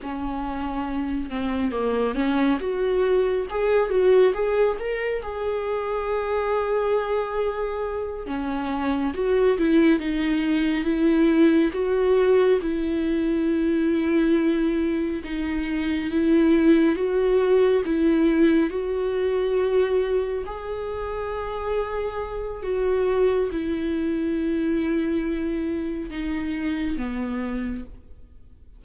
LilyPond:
\new Staff \with { instrumentName = "viola" } { \time 4/4 \tempo 4 = 69 cis'4. c'8 ais8 cis'8 fis'4 | gis'8 fis'8 gis'8 ais'8 gis'2~ | gis'4. cis'4 fis'8 e'8 dis'8~ | dis'8 e'4 fis'4 e'4.~ |
e'4. dis'4 e'4 fis'8~ | fis'8 e'4 fis'2 gis'8~ | gis'2 fis'4 e'4~ | e'2 dis'4 b4 | }